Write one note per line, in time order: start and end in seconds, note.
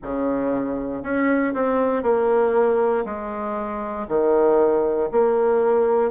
0.02 1.02 C#3
1.02 1.53 C#4
1.53 2.02 C4
2.02 3.04 A#3
3.05 4.06 G#3
4.08 5.09 D#3
5.11 6.10 A#3